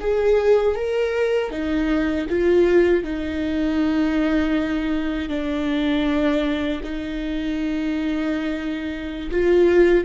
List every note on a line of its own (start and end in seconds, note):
0.00 0.76 G#4
0.76 1.51 A#4
1.51 2.27 D#4
2.30 3.04 F4
3.04 5.29 D#4
5.29 6.81 D4
6.84 9.30 D#4
9.31 10.05 F4